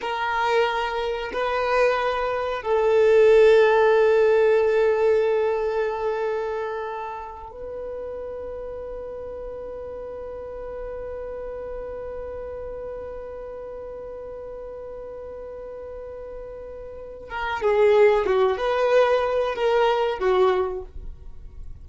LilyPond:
\new Staff \with { instrumentName = "violin" } { \time 4/4 \tempo 4 = 92 ais'2 b'2 | a'1~ | a'2.~ a'8 b'8~ | b'1~ |
b'1~ | b'1~ | b'2~ b'8 ais'8 gis'4 | fis'8 b'4. ais'4 fis'4 | }